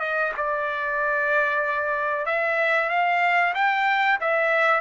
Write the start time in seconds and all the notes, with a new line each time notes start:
0.00 D#5
0.37 D5
2.26 E5
2.89 F5
3.55 G5
4.21 E5